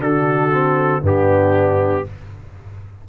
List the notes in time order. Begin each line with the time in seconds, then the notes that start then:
0.00 D3 D4 F#4 A4
0.52 C4
1.02 G2 B3 D4 G4